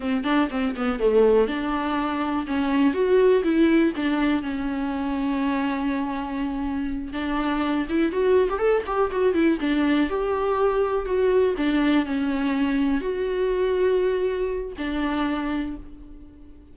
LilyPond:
\new Staff \with { instrumentName = "viola" } { \time 4/4 \tempo 4 = 122 c'8 d'8 c'8 b8 a4 d'4~ | d'4 cis'4 fis'4 e'4 | d'4 cis'2.~ | cis'2~ cis'8 d'4. |
e'8 fis'8. g'16 a'8 g'8 fis'8 e'8 d'8~ | d'8 g'2 fis'4 d'8~ | d'8 cis'2 fis'4.~ | fis'2 d'2 | }